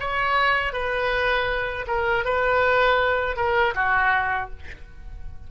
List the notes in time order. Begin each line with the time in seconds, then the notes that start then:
0.00 C#5
0.73 B4
1.87 A#4
2.25 B4
3.36 A#4
3.75 F#4